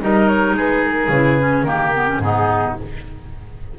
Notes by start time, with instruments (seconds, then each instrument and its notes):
0.00 double bass G3, clarinet D#4, oboe A#4, flute D#5
0.27 flute C#5
0.54 double bass G#3, oboe G#4, flute B4
0.84 flute A#4
1.08 double bass C#3, clarinet E4, flute B4
1.39 clarinet C#4
1.62 double bass D#3, clarinet A#3, oboe G4, flute A#4
1.94 clarinet B3
2.07 clarinet C#4
2.18 double bass G#2, clarinet B3, oboe D#4, flute G#4